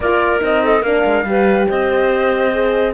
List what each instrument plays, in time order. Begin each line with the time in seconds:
0.00 cello A#3, horn F4, clarinet A#4, flute D5
0.39 cello C4, horn D#4, flute D#5
0.63 clarinet A4
0.82 cello A#3, horn D4, clarinet A#4, flute F5
1.04 cello G#3
1.24 cello G3, horn G4, clarinet B4
1.67 cello C4, clarinet C5, flute D#5
2.52 horn G#4